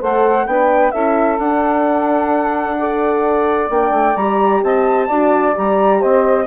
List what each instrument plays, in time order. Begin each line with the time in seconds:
0.00 bassoon A3, horn A4, saxophone C5, flute F#5
0.47 bassoon B3, horn D4, saxophone B4, flute G5
0.92 bassoon C#4, horn E4, saxophone A4, flute E5
1.38 horn D4, bassoon D4, flute F#5
2.79 horn A4, saxophone D5
3.70 bassoon A#3, horn D4, flute G5
3.91 bassoon A3
4.16 bassoon G3, horn G4, flute A#5
4.63 bassoon C4, saxophone D#5, flute A5
5.08 bassoon D4, horn F#4, saxophone D5
5.53 bassoon G3, horn G4, flute A#5
5.99 bassoon C4, saxophone C5, flute D#5